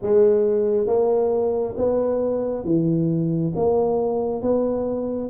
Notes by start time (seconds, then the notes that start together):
0.02 G#3
0.86 A#3
1.76 B3
2.64 E3
3.55 A#3
4.42 B3